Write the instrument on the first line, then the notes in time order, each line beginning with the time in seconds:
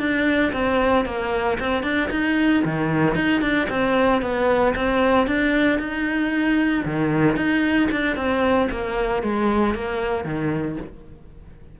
cello
0.00 D4
0.53 C4
1.06 A#3
1.60 C4
1.84 D4
2.11 D#4
2.65 D#3
3.16 D#4
3.42 D4
3.70 C4
4.22 B3
4.76 C4
5.28 D4
5.79 D#4
6.85 D#3
7.37 D#4
7.92 D4
8.17 C4
8.71 A#3
9.23 G#3
9.75 A#3
10.25 D#3